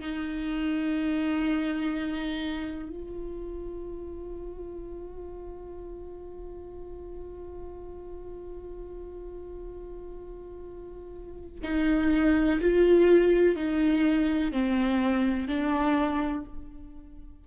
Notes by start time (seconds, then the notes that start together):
0.00 D#4
2.89 F4
11.63 D#4
12.60 F4
13.56 D#4
14.52 C4
15.48 D4